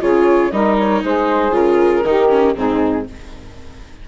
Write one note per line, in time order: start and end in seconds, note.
0.00 0.52 C#3
0.00 0.51 F4
0.00 0.51 G#4
0.00 0.51 C#5
0.51 1.03 G3
0.51 1.51 D#4
0.51 1.03 A#4
0.51 0.76 D#5
0.78 1.04 C#5
1.03 1.51 G#3
1.03 2.06 G#4
1.03 1.54 C5
1.51 2.02 C#3
1.51 2.02 F4
1.51 2.56 A#4
2.04 2.55 D#3
2.04 2.29 D#4
2.04 2.55 G4
2.29 2.54 C#4
2.55 3.08 G#2
2.55 3.06 C4
2.55 3.06 D#4
2.55 3.07 G#4